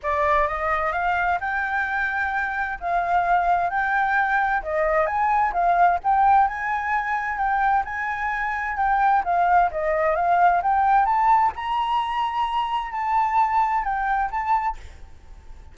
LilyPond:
\new Staff \with { instrumentName = "flute" } { \time 4/4 \tempo 4 = 130 d''4 dis''4 f''4 g''4~ | g''2 f''2 | g''2 dis''4 gis''4 | f''4 g''4 gis''2 |
g''4 gis''2 g''4 | f''4 dis''4 f''4 g''4 | a''4 ais''2. | a''2 g''4 a''4 | }